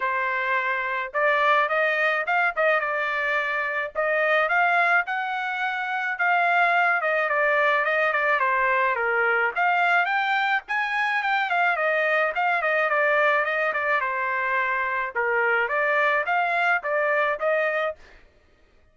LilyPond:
\new Staff \with { instrumentName = "trumpet" } { \time 4/4 \tempo 4 = 107 c''2 d''4 dis''4 | f''8 dis''8 d''2 dis''4 | f''4 fis''2 f''4~ | f''8 dis''8 d''4 dis''8 d''8 c''4 |
ais'4 f''4 g''4 gis''4 | g''8 f''8 dis''4 f''8 dis''8 d''4 | dis''8 d''8 c''2 ais'4 | d''4 f''4 d''4 dis''4 | }